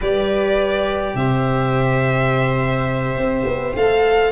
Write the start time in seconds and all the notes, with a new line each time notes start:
0.00 G3 G4 B4 D5
1.15 C3 C5 E5
3.16 C4
3.45 B3
3.74 A3 A4 F5